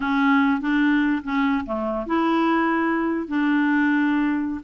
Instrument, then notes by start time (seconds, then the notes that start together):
clarinet
0.00 C#4
0.60 D4
1.23 C#4
1.65 A3
2.06 E4
3.27 D4